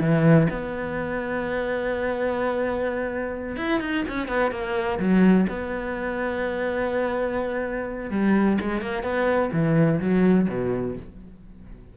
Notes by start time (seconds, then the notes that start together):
0.00 E3
0.50 B3
3.57 E4
3.81 D#4
4.08 C#4
4.28 B3
4.51 A#3
4.99 F#3
5.49 B3
8.11 G3
8.61 G#3
8.81 A#3
9.03 B3
9.53 E3
10.00 F#3
10.49 B2